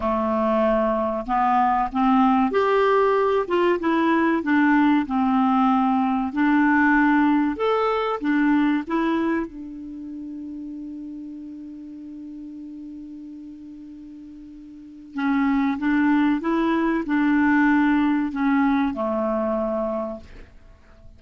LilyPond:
\new Staff \with { instrumentName = "clarinet" } { \time 4/4 \tempo 4 = 95 a2 b4 c'4 | g'4. f'8 e'4 d'4 | c'2 d'2 | a'4 d'4 e'4 d'4~ |
d'1~ | d'1 | cis'4 d'4 e'4 d'4~ | d'4 cis'4 a2 | }